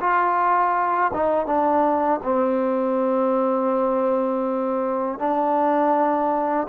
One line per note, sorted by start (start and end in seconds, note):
0.00 1.11 F4
1.13 1.46 D#4
1.46 2.20 D4
2.23 5.19 C4
5.19 6.67 D4